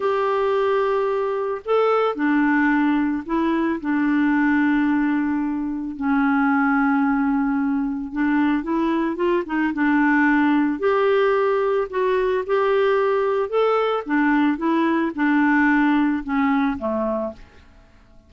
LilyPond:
\new Staff \with { instrumentName = "clarinet" } { \time 4/4 \tempo 4 = 111 g'2. a'4 | d'2 e'4 d'4~ | d'2. cis'4~ | cis'2. d'4 |
e'4 f'8 dis'8 d'2 | g'2 fis'4 g'4~ | g'4 a'4 d'4 e'4 | d'2 cis'4 a4 | }